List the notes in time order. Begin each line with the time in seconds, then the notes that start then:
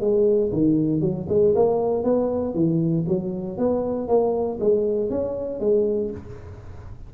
0.00 G#3
0.52 D#3
1.00 F#3
1.29 G#3
1.55 A#3
2.03 B3
2.54 E3
3.08 F#3
3.57 B3
4.07 A#3
4.60 G#3
5.09 C#4
5.60 G#3